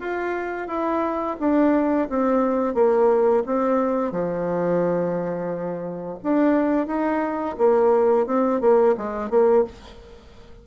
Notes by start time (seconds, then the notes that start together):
0.00 F4
0.68 E4
1.40 D4
2.10 C4
2.75 A#3
3.46 C4
4.12 F3
6.24 D4
6.87 D#4
7.59 A#3
8.27 C4
8.61 A#3
8.98 G#3
9.30 A#3